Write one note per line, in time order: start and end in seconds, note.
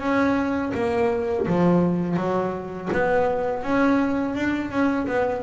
0.00 0.72 C#4
0.75 1.47 A#3
1.47 2.17 F3
2.17 2.89 F#3
2.93 3.63 B3
3.63 4.35 C#4
4.35 4.71 D4
4.71 5.07 C#4
5.07 5.43 B3